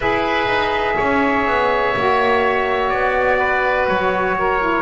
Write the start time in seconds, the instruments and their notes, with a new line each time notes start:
0.00 double bass E4, saxophone G#4, oboe B4, trumpet E5
0.46 double bass D#4
0.97 double bass C#4, oboe C#5
1.47 double bass B3
1.96 double bass A#3, saxophone F#4
2.89 double bass B3, trumpet D5
3.38 oboe B4
3.88 double bass F#3, trumpet C#5
4.39 oboe A#4
4.60 saxophone E4